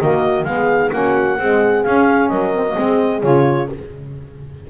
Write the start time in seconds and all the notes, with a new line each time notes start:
0.00 D#3 A#3 F#4 D#5
0.45 G#3 B3 G#4 F5
0.92 A#3 C#4 F#4 F#5
1.39 G#3 C4 G#4
1.84 C#4 F5
2.29 F#3 A#4 D#5
2.55 C4
2.69 A#3
2.78 G#3 C4 G#4
3.23 C#3 F4 C#5